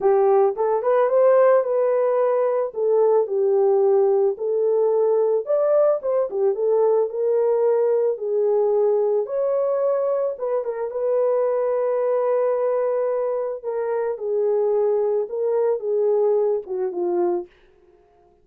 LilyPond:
\new Staff \with { instrumentName = "horn" } { \time 4/4 \tempo 4 = 110 g'4 a'8 b'8 c''4 b'4~ | b'4 a'4 g'2 | a'2 d''4 c''8 g'8 | a'4 ais'2 gis'4~ |
gis'4 cis''2 b'8 ais'8 | b'1~ | b'4 ais'4 gis'2 | ais'4 gis'4. fis'8 f'4 | }